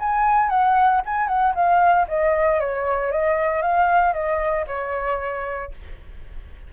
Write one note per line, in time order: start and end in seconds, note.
0.00 0.50 G#5
0.50 1.02 F#5
1.06 1.28 G#5
1.28 1.54 F#5
1.55 2.07 F5
2.08 2.60 D#5
2.60 3.12 C#5
3.12 3.62 D#5
3.62 4.14 F5
4.14 4.66 D#5
4.67 5.72 C#5